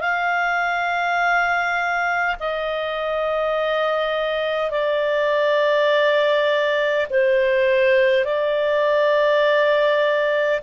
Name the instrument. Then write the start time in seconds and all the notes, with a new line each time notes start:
clarinet
0.00 F5
2.39 D#5
4.71 D5
7.10 C5
8.25 D5